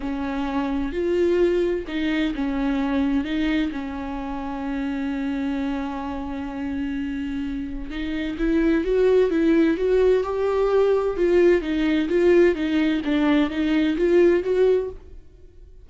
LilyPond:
\new Staff \with { instrumentName = "viola" } { \time 4/4 \tempo 4 = 129 cis'2 f'2 | dis'4 cis'2 dis'4 | cis'1~ | cis'1~ |
cis'4 dis'4 e'4 fis'4 | e'4 fis'4 g'2 | f'4 dis'4 f'4 dis'4 | d'4 dis'4 f'4 fis'4 | }